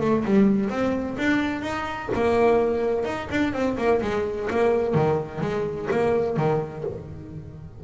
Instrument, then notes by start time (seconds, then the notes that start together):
double bass
0.00 A3
0.24 G3
0.69 C4
1.18 D4
1.61 D#4
2.14 A#3
3.05 D#4
3.30 D4
3.53 C4
3.77 A#3
4.01 G#3
4.50 A#3
4.94 D#3
5.41 G#3
5.91 A#3
6.37 D#3